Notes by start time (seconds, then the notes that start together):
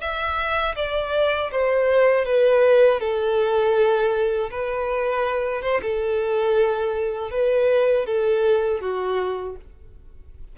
0.00 E5
0.76 D5
1.52 C5
2.25 B4
3.00 A4
4.50 B4
5.62 C5
5.82 A4
7.31 B4
8.06 A4
8.81 F#4